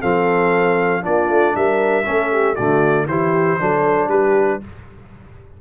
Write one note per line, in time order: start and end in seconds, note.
0.00 1.05 F3
0.00 1.01 C4
0.00 1.02 A4
0.00 1.03 F5
1.01 1.29 A#3
1.01 2.03 D4
1.01 1.55 F4
1.01 1.56 D5
1.29 1.55 A3
1.55 2.06 G3
1.55 2.06 A#4
1.55 2.55 E5
2.05 2.58 A3
2.05 2.56 C#4
2.05 2.32 A4
2.32 2.54 G4
2.54 3.06 D3
2.54 3.08 A3
2.54 3.05 F#4
2.54 3.06 D5
3.06 3.57 E3
3.06 3.59 E4
3.06 3.60 G4
3.06 4.09 C5
3.59 4.07 F#3
3.59 4.61 D4
3.59 4.09 A4
4.07 4.58 G3
4.07 4.60 G4
4.07 4.60 B4